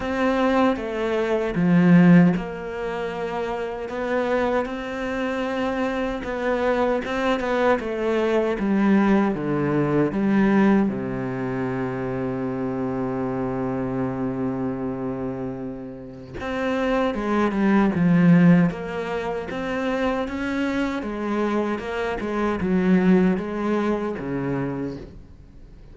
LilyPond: \new Staff \with { instrumentName = "cello" } { \time 4/4 \tempo 4 = 77 c'4 a4 f4 ais4~ | ais4 b4 c'2 | b4 c'8 b8 a4 g4 | d4 g4 c2~ |
c1~ | c4 c'4 gis8 g8 f4 | ais4 c'4 cis'4 gis4 | ais8 gis8 fis4 gis4 cis4 | }